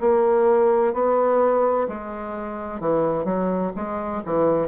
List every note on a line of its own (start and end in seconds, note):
0.00 0.93 A#3
0.93 1.87 B3
1.88 2.80 G#3
2.80 3.25 E3
3.25 3.72 F#3
3.75 4.22 G#3
4.25 4.68 E3